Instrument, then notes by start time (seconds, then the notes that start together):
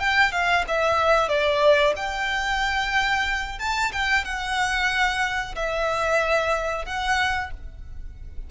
violin
0.00 G5
0.32 F5
0.68 E5
1.29 D5
1.96 G5
3.59 A5
3.92 G5
4.25 F#5
5.55 E5
6.85 F#5